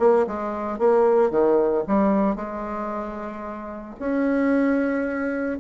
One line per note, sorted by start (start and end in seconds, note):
0.00 0.27 A#3
0.28 0.79 G#3
0.79 1.31 A#3
1.31 1.84 D#3
1.88 2.36 G3
2.36 3.95 G#3
4.00 5.59 C#4